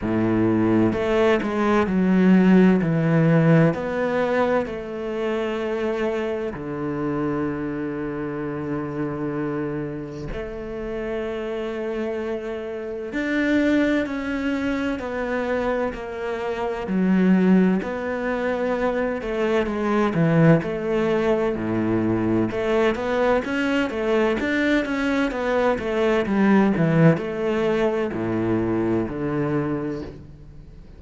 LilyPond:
\new Staff \with { instrumentName = "cello" } { \time 4/4 \tempo 4 = 64 a,4 a8 gis8 fis4 e4 | b4 a2 d4~ | d2. a4~ | a2 d'4 cis'4 |
b4 ais4 fis4 b4~ | b8 a8 gis8 e8 a4 a,4 | a8 b8 cis'8 a8 d'8 cis'8 b8 a8 | g8 e8 a4 a,4 d4 | }